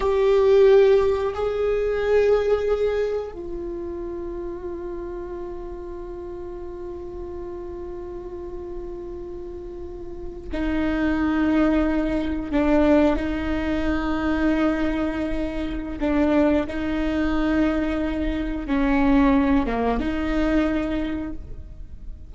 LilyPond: \new Staff \with { instrumentName = "viola" } { \time 4/4 \tempo 4 = 90 g'2 gis'2~ | gis'4 f'2.~ | f'1~ | f'2.~ f'8. dis'16~ |
dis'2~ dis'8. d'4 dis'16~ | dis'1 | d'4 dis'2. | cis'4. ais8 dis'2 | }